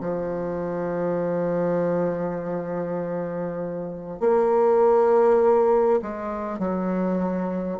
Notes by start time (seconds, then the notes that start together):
0.00 F3
4.20 A#3
6.02 G#3
6.58 F#3